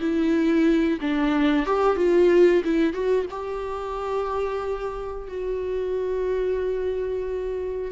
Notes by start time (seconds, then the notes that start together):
0.00 E4
1.01 D4
1.66 G4
1.96 F4
2.65 E4
2.93 F#4
3.30 G4
5.28 F#4